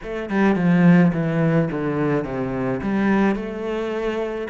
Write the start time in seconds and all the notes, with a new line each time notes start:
0.03 A3
0.29 G3
0.55 F3
1.13 E3
1.71 D3
2.24 C3
2.82 G3
3.35 A3